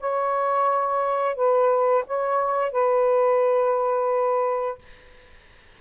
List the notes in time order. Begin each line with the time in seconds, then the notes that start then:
0.00 C#5
1.36 B4
2.07 C#5
2.72 B4